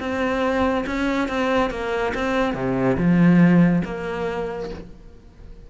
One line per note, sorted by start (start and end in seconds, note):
0.00 0.85 C4
0.87 1.29 C#4
1.29 1.71 C4
1.71 2.14 A#3
2.15 2.55 C4
2.55 2.97 C3
2.97 3.83 F3
3.85 4.70 A#3